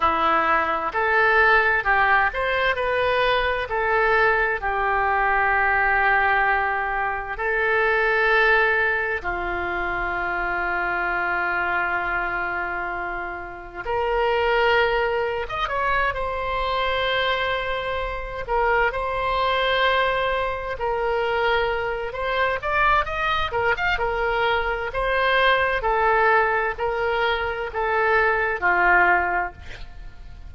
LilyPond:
\new Staff \with { instrumentName = "oboe" } { \time 4/4 \tempo 4 = 65 e'4 a'4 g'8 c''8 b'4 | a'4 g'2. | a'2 f'2~ | f'2. ais'4~ |
ais'8. dis''16 cis''8 c''2~ c''8 | ais'8 c''2 ais'4. | c''8 d''8 dis''8 ais'16 f''16 ais'4 c''4 | a'4 ais'4 a'4 f'4 | }